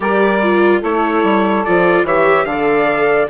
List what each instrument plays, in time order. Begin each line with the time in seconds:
0.00 bassoon G3, viola G4, saxophone A#4, trumpet D5
0.42 viola F4
0.80 bassoon A3, viola E4, saxophone A4, trumpet C#5
1.23 bassoon G3
1.64 bassoon F3, viola F4, trumpet D5
2.03 bassoon E3, viola G4, saxophone C#5, trumpet E5
2.44 bassoon D3, viola A4, saxophone D5, trumpet F5